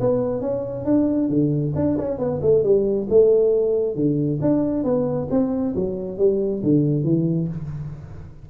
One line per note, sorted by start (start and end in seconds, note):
0.00 0.41 B3
0.41 0.85 C#4
0.85 1.29 D4
1.29 1.73 D3
1.75 1.97 D4
1.98 2.19 C#4
2.19 2.41 B3
2.42 2.63 A3
2.63 3.07 G3
3.09 3.95 A3
3.95 4.39 D3
4.41 4.84 D4
4.84 5.28 B3
5.30 5.75 C4
5.75 6.18 F#3
6.18 6.62 G3
6.63 7.04 D3
7.04 7.48 E3